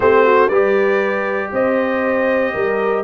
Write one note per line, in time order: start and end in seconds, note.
0.00 0.49 A3
0.00 0.51 C4
0.00 0.25 G4
0.00 0.49 C5
0.25 0.47 F#4
0.47 1.51 G3
0.47 3.03 G4
0.47 1.48 B4
0.47 1.50 D5
1.52 2.53 C4
1.52 2.53 C5
1.52 3.03 D#5
2.53 3.03 G3
2.53 3.03 A#4